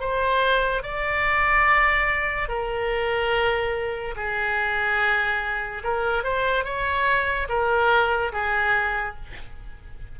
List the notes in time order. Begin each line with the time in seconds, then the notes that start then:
0.00 C5
0.83 D5
2.48 A#4
4.16 G#4
5.84 A#4
6.23 C5
6.64 C#5
7.48 A#4
8.32 G#4